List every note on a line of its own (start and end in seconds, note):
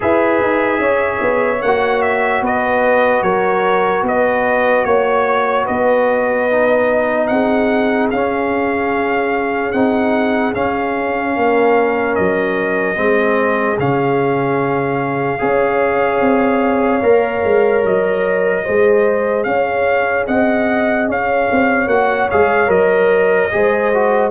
0.00 0.41 E4
0.00 1.58 G#4
0.00 0.81 B4
0.00 1.62 E5
0.41 0.78 D#4
0.78 1.19 C#4
0.78 2.43 C#5
1.21 1.61 B3
1.62 2.41 A#3
1.62 6.50 F#4
1.62 2.02 F#5
2.02 2.42 E5
2.41 3.22 B3
2.41 3.23 B4
2.41 3.22 D#5
3.22 4.02 F#3
3.22 4.04 A#4
3.22 4.03 C#5
4.02 4.83 B3
4.02 4.87 B4
4.02 4.84 D#5
4.84 5.66 A#3
4.84 5.65 C#5
5.65 7.30 B3
5.65 7.27 B4
5.65 7.27 D#5
6.50 8.12 D#4
7.27 8.11 C4
7.27 11.37 G#4
7.27 8.08 F#5
8.10 9.73 C#4
8.10 9.72 F5
9.72 10.54 C4
9.72 10.53 D#4
9.72 10.53 F#5
10.53 12.95 C#4
10.53 11.36 C#4
10.53 12.15 F5
11.36 12.17 A#3
11.36 12.99 A#4
12.15 12.97 F#3
12.15 13.77 D#5
12.95 13.78 G#3
12.95 13.76 C4
12.95 15.40 G#4
13.78 15.40 C#3
13.78 15.38 C#4
13.78 17.85 F5
15.38 16.20 C#4
15.38 17.01 G#4
15.38 18.64 C#5
16.20 17.01 C4
17.02 17.43 A#3
17.02 18.64 A#4
17.43 17.84 G#3
17.84 18.65 F#3
17.84 19.43 D#5
18.64 19.45 G#3
18.64 21.88 G#4
18.64 19.45 C5
19.43 20.26 C#4
19.43 20.28 C#5
19.43 20.24 F5
20.27 21.08 C4
20.27 21.09 D#5
20.27 21.08 F#5
21.08 21.48 C#4
21.08 23.52 C#5
21.08 21.88 F5
21.51 21.86 C4
21.86 22.27 A#3
21.86 22.29 F#4
21.86 22.29 F#5
22.30 22.68 G#3
22.30 22.67 G#4
22.30 22.70 F5
22.67 23.49 F#3
22.67 23.48 A#4
22.67 24.31 D#5
23.51 24.31 G#3
23.51 23.91 G#4
23.51 24.31 C5
23.94 24.31 F#4